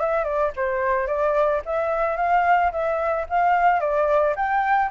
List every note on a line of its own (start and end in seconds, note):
0.00 0.25 E5
0.25 0.52 D5
0.57 1.07 C5
1.07 1.62 D5
1.66 2.17 E5
2.17 2.71 F5
2.72 3.27 E5
3.30 3.80 F5
3.80 4.35 D5
4.36 4.91 G5